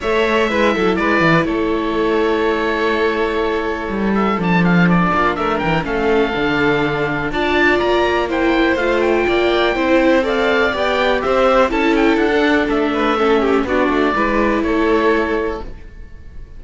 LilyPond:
<<
  \new Staff \with { instrumentName = "oboe" } { \time 4/4 \tempo 4 = 123 e''2 d''4 cis''4~ | cis''1~ | cis''8 e''8 a''8 f''8 d''4 e''8 g''8 | f''2. a''4 |
ais''4 g''4 f''8 g''4.~ | g''4 f''4 g''4 e''4 | a''8 g''8 fis''4 e''2 | d''2 cis''2 | }
  \new Staff \with { instrumentName = "violin" } { \time 4/4 cis''4 b'8 a'8 b'4 a'4~ | a'1~ | a'2~ a'8 f'8 ais'4 | a'2. d''4~ |
d''4 c''2 d''4 | c''4 d''2 c''4 | a'2~ a'8 b'8 a'8 g'8 | fis'4 b'4 a'2 | }
  \new Staff \with { instrumentName = "viola" } { \time 4/4 a'4 e'2.~ | e'1~ | e'4 d'2. | cis'4 d'2 f'4~ |
f'4 e'4 f'2 | e'4 a'4 g'2 | e'4~ e'16 d'4.~ d'16 cis'4 | d'4 e'2. | }
  \new Staff \with { instrumentName = "cello" } { \time 4/4 a4 gis8 fis8 gis8 e8 a4~ | a1 | g4 f4. ais8 a8 e8 | a4 d2 d'4 |
ais2 a4 ais4 | c'2 b4 c'4 | cis'4 d'4 a2 | b8 a8 gis4 a2 | }
>>